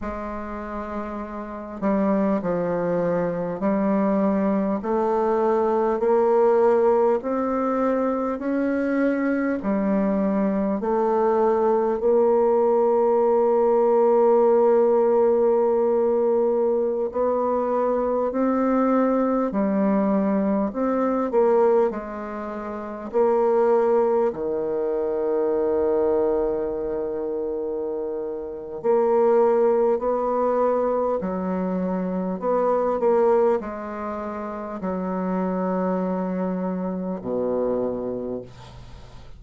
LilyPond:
\new Staff \with { instrumentName = "bassoon" } { \time 4/4 \tempo 4 = 50 gis4. g8 f4 g4 | a4 ais4 c'4 cis'4 | g4 a4 ais2~ | ais2~ ais16 b4 c'8.~ |
c'16 g4 c'8 ais8 gis4 ais8.~ | ais16 dis2.~ dis8. | ais4 b4 fis4 b8 ais8 | gis4 fis2 b,4 | }